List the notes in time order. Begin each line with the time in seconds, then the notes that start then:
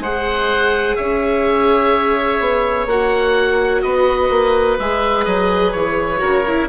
0.00 G#3 G#4 C5 F#5
0.96 C#4 C#5 E5
2.40 B3
2.87 A#3 F#4 F#5
3.83 B3 B4 D#5
4.30 A#3
4.79 G#3 G#4 E5
5.25 F#3 D#5
5.72 E3 C#5
6.18 C#3 F#4 A#4
6.48 E4